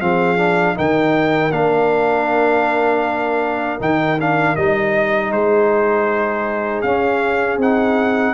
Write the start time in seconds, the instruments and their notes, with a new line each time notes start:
0.00 tuba F3, trombone C4, horn G#4, trumpet F5
0.37 trombone D4
0.75 tuba D#3, trombone D#4, horn A#4, trumpet G5
1.51 tuba A#3, trombone D4, trumpet F5
3.80 tuba D#3, trombone D#4, trumpet G5
4.19 trombone D4, trumpet F5
4.56 tuba G3, trombone D#4, trumpet D#5
5.32 tuba G#3, horn G#4, trumpet C5
6.82 tuba C#4, trombone C#4, trumpet F5
7.58 tuba C4, trombone D#4, trumpet F#5